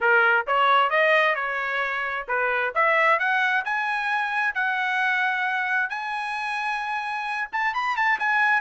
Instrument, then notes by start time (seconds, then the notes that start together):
trumpet
0.00 A#4
0.46 C#5
0.90 D#5
1.35 C#5
2.27 B4
2.74 E5
3.19 F#5
3.64 G#5
4.54 F#5
5.89 G#5
7.52 A5
7.74 B5
7.96 A5
8.19 G#5